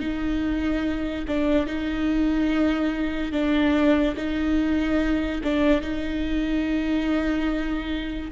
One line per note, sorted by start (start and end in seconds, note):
0.00 1.25 D#4
1.28 1.67 D4
1.67 3.32 D#4
3.32 4.16 D4
4.17 5.42 D#4
5.44 5.81 D4
5.81 8.31 D#4